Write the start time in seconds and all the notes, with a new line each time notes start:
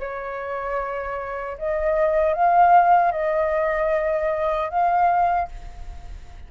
0.00 C#5
1.58 D#5
2.34 F5
3.12 D#5
4.70 F5